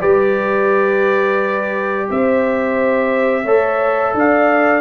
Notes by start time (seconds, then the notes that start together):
0.00 G3 G4 B4 D5
2.10 C4 C5 E5
3.44 A3 A4 C#5
4.14 D4 D5 F5